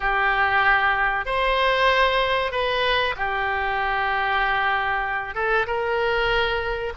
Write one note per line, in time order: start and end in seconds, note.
0.00 1.25 G4
1.25 2.51 C5
2.51 3.14 B4
3.16 5.34 G4
5.34 5.66 A4
5.66 6.93 A#4